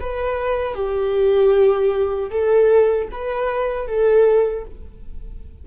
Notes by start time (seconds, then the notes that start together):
0.00 B4
0.74 G4
2.30 A4
3.11 B4
3.87 A4